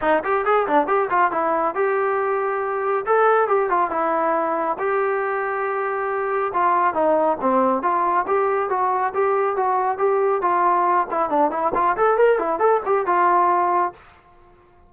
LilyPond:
\new Staff \with { instrumentName = "trombone" } { \time 4/4 \tempo 4 = 138 dis'8 g'8 gis'8 d'8 g'8 f'8 e'4 | g'2. a'4 | g'8 f'8 e'2 g'4~ | g'2. f'4 |
dis'4 c'4 f'4 g'4 | fis'4 g'4 fis'4 g'4 | f'4. e'8 d'8 e'8 f'8 a'8 | ais'8 e'8 a'8 g'8 f'2 | }